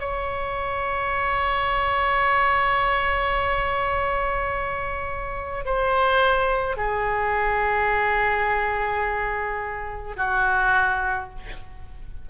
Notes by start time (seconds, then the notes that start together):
0.00 C#5
5.65 C5
6.77 G#4
10.16 F#4